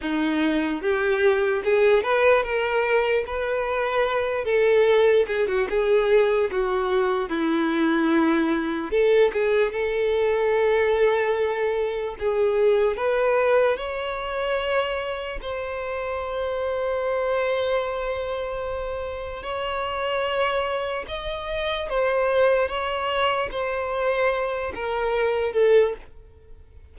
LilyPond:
\new Staff \with { instrumentName = "violin" } { \time 4/4 \tempo 4 = 74 dis'4 g'4 gis'8 b'8 ais'4 | b'4. a'4 gis'16 fis'16 gis'4 | fis'4 e'2 a'8 gis'8 | a'2. gis'4 |
b'4 cis''2 c''4~ | c''1 | cis''2 dis''4 c''4 | cis''4 c''4. ais'4 a'8 | }